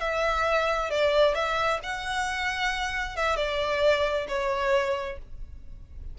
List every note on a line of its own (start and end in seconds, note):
0.00 0.90 E5
0.90 1.35 D5
1.35 1.80 E5
1.83 3.16 F#5
3.16 3.36 E5
3.36 4.27 D5
4.28 5.18 C#5